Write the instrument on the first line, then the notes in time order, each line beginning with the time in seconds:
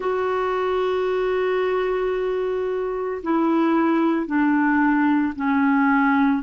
clarinet
0.00 F#4
3.22 E4
4.26 D4
5.35 C#4